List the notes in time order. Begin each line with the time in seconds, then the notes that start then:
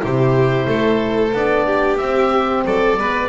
0.00 C3 E4 G4 C5
0.67 A3 A4
1.32 B3 D4 D5
1.66 G4
1.98 C4 E5
2.65 F#3 A4 D5
2.98 G#3 B3 B4